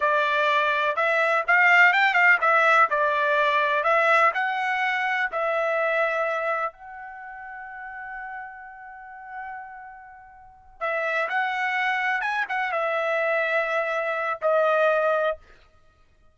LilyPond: \new Staff \with { instrumentName = "trumpet" } { \time 4/4 \tempo 4 = 125 d''2 e''4 f''4 | g''8 f''8 e''4 d''2 | e''4 fis''2 e''4~ | e''2 fis''2~ |
fis''1~ | fis''2~ fis''8 e''4 fis''8~ | fis''4. gis''8 fis''8 e''4.~ | e''2 dis''2 | }